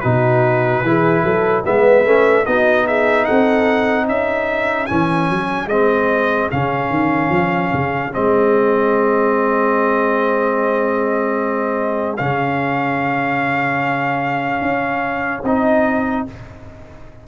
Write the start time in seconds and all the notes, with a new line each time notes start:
0.00 B2 D#4 F#4 B4
0.82 E3 E4 G#4
1.23 F#3 A4
1.64 G#3 B3 B4 E5
2.05 A3 C#4
2.46 B3 D#4 F#4 D#5
2.87 G#4 E5
3.25 C4 A4 F#5
4.07 C#4 G#4 E5
4.86 E3 C#4 G#5
5.30 F#3
5.66 G#3 C4 D#5
6.51 C#3 C#4 F5
6.90 D#3
7.30 F3
7.73 C#3
8.12 G#3 C4 D#5
12.17 C#3 C#4 F5
14.61 C#4
15.43 C4 D#4 D#5